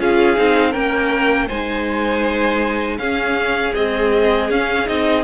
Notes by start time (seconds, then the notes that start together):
0.00 C#4 F4 G#4 F5
0.37 C4 D#4
0.71 A#3 C#4 A#4 G5
1.48 G#3 D#4 C5 G#5
2.98 C#4 G#4 F5
3.76 G#3 C4 D#5
4.50 C#4 F5
4.86 C4 D#4 D#5